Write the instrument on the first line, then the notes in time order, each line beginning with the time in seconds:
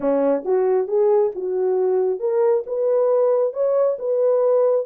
horn
0.00 C#4
0.44 F#4
0.87 G#4
1.35 F#4
2.19 A#4
2.66 B4
3.53 C#5
3.98 B4